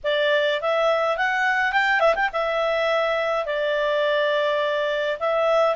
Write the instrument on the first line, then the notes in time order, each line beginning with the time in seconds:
clarinet
0.03 D5
0.61 E5
1.17 F#5
1.72 G5
2.00 E5
2.15 G5
2.32 E5
3.45 D5
5.19 E5